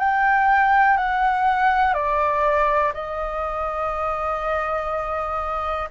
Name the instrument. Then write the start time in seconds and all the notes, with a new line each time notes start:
flute
0.00 G5
0.97 F#5
1.94 D5
2.95 D#5